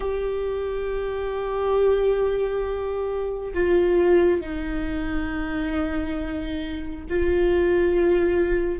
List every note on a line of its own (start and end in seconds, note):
0.00 3.53 G4
3.53 4.40 F4
4.40 7.05 D#4
7.09 8.80 F4